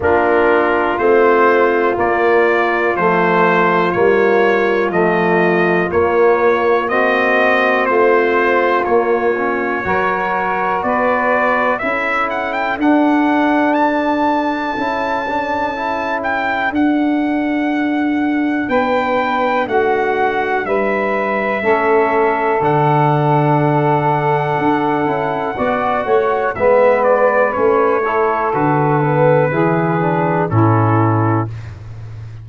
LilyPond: <<
  \new Staff \with { instrumentName = "trumpet" } { \time 4/4 \tempo 4 = 61 ais'4 c''4 d''4 c''4 | cis''4 dis''4 cis''4 dis''4 | c''4 cis''2 d''4 | e''8 fis''16 g''16 fis''4 a''2~ |
a''8 g''8 fis''2 g''4 | fis''4 e''2 fis''4~ | fis''2. e''8 d''8 | cis''4 b'2 a'4 | }
  \new Staff \with { instrumentName = "saxophone" } { \time 4/4 f'1~ | f'2. fis'4 | f'2 ais'4 b'4 | a'1~ |
a'2. b'4 | fis'4 b'4 a'2~ | a'2 d''8 cis''8 b'4~ | b'8 a'4. gis'4 e'4 | }
  \new Staff \with { instrumentName = "trombone" } { \time 4/4 d'4 c'4 ais4 a4 | ais4 a4 ais4 c'4~ | c'4 ais8 cis'8 fis'2 | e'4 d'2 e'8 d'8 |
e'4 d'2.~ | d'2 cis'4 d'4~ | d'4. e'8 fis'4 b4 | cis'8 e'8 fis'8 b8 e'8 d'8 cis'4 | }
  \new Staff \with { instrumentName = "tuba" } { \time 4/4 ais4 a4 ais4 f4 | g4 f4 ais2 | a4 ais4 fis4 b4 | cis'4 d'2 cis'4~ |
cis'4 d'2 b4 | a4 g4 a4 d4~ | d4 d'8 cis'8 b8 a8 gis4 | a4 d4 e4 a,4 | }
>>